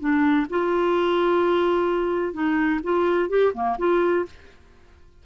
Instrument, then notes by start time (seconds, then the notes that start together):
clarinet
0.00 D4
0.50 F4
2.34 D#4
2.84 F4
3.29 G4
3.54 A#3
3.79 F4